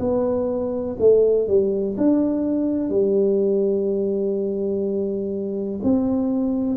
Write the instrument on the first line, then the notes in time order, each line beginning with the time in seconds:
tuba
0.00 B3
1.00 A3
1.48 G3
1.98 D4
2.90 G3
5.83 C4